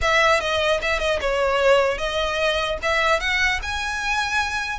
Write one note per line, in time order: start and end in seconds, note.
0.01 0.40 E5
0.40 0.80 D#5
0.81 0.99 E5
0.99 1.19 D#5
1.20 1.98 C#5
1.98 2.78 D#5
2.82 3.20 E5
3.20 3.60 F#5
3.62 4.79 G#5